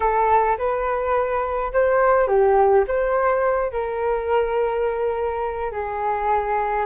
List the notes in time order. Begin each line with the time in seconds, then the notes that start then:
0.00 A4
0.58 B4
1.72 C5
2.27 G4
2.87 C5
3.71 A#4
5.72 G#4